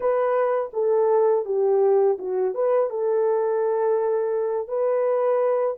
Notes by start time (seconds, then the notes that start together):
0.00 B4
0.73 A4
1.45 G4
2.18 F#4
2.54 B4
2.89 A4
4.68 B4